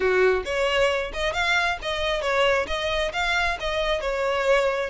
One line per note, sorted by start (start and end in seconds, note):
0.00 0.44 F#4
0.44 1.12 C#5
1.13 1.33 D#5
1.33 1.78 F5
1.82 2.21 D#5
2.21 2.66 C#5
2.67 3.12 D#5
3.13 3.57 F5
3.59 4.01 D#5
4.01 4.89 C#5